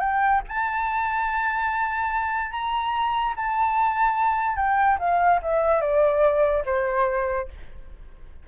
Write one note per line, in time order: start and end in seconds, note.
0.00 0.41 G5
0.48 2.52 A5
2.52 3.34 A#5
3.36 4.56 A5
4.56 4.98 G5
4.99 5.40 F5
5.42 5.81 E5
5.81 6.64 D5
6.66 7.48 C5